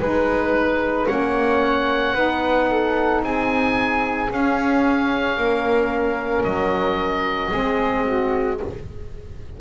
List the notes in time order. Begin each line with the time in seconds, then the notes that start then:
0.00 G#3 D#4 B4
1.07 A#3 C#4 C#5 F#5
2.14 B3 D#4 B4
2.71 A4
3.23 C4 G#4 G#5
4.31 C#4 F5
5.37 A#3 A#4
6.44 F#3 D#5
7.50 G#3 C4 G#4
8.05 F#4